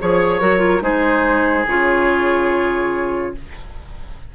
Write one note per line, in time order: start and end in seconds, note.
0.00 0.41 F3
0.00 0.41 G#4
0.00 0.40 C#5
0.00 0.83 C#5
0.40 0.82 F#3
0.40 0.59 F#4
0.40 0.82 A#4
0.59 0.80 F4
0.81 1.65 G#3
0.81 1.64 D#4
0.81 3.33 G#4
0.81 1.66 C5
1.66 3.33 C#3
1.66 3.35 F4
1.66 3.35 C#5